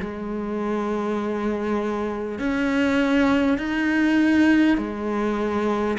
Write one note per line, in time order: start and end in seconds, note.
0.00 2.38 G#3
2.38 3.58 C#4
3.58 4.77 D#4
4.77 5.97 G#3